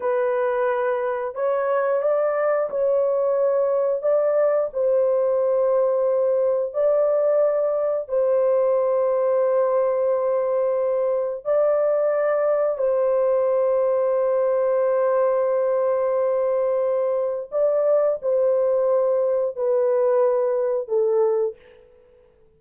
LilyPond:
\new Staff \with { instrumentName = "horn" } { \time 4/4 \tempo 4 = 89 b'2 cis''4 d''4 | cis''2 d''4 c''4~ | c''2 d''2 | c''1~ |
c''4 d''2 c''4~ | c''1~ | c''2 d''4 c''4~ | c''4 b'2 a'4 | }